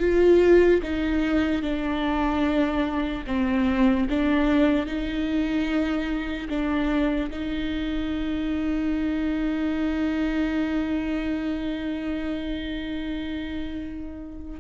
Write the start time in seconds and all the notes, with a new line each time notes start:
0.00 F4
0.83 D#4
1.62 D4
3.27 C4
4.09 D4
4.86 D#4
6.49 D4
7.31 D#4